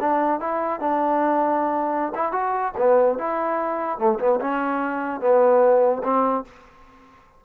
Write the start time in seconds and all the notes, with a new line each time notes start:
0.00 D4
0.40 E4
0.80 D4
2.15 E4
2.31 F#4
2.77 B3
3.18 E4
3.98 A3
4.19 B3
4.40 C#4
5.20 B3
6.03 C4